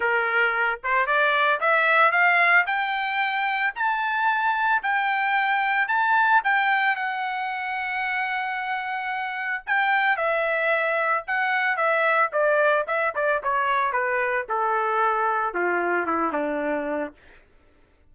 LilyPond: \new Staff \with { instrumentName = "trumpet" } { \time 4/4 \tempo 4 = 112 ais'4. c''8 d''4 e''4 | f''4 g''2 a''4~ | a''4 g''2 a''4 | g''4 fis''2.~ |
fis''2 g''4 e''4~ | e''4 fis''4 e''4 d''4 | e''8 d''8 cis''4 b'4 a'4~ | a'4 f'4 e'8 d'4. | }